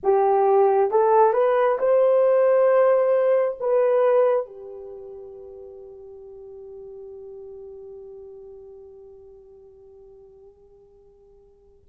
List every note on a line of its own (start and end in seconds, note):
0.03 0.90 G4
0.90 1.33 A4
1.33 1.77 B4
1.78 3.57 C5
3.60 4.45 B4
4.45 11.84 G4